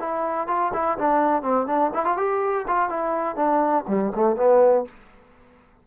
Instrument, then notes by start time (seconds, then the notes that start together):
trombone
0.00 E4
0.48 F4
0.74 E4
0.99 D4
1.42 C4
1.67 D4
1.94 E4
2.05 F4
2.18 G4
2.68 F4
2.90 E4
3.36 D4
3.88 G3
4.15 A3
4.37 B3